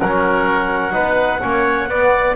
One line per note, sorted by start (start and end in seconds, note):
0.00 0.95 F#3
0.00 0.93 C#4
0.00 0.94 A#4
0.00 2.36 F#5
0.93 1.43 B3
0.93 1.40 D#4
0.93 1.42 B4
1.42 1.89 A#3
1.42 1.89 C#4
1.42 1.89 C#5
1.89 2.36 B3
1.89 2.36 D5